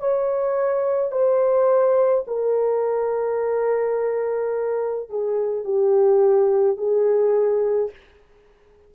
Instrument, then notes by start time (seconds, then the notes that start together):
horn
0.00 C#5
1.12 C5
2.27 A#4
5.10 G#4
5.64 G4
6.77 G#4